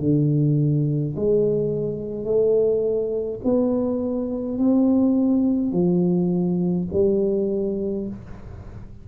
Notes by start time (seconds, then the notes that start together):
0.00 D3
1.16 G#3
2.25 A3
3.45 B3
4.59 C4
5.73 F3
6.93 G3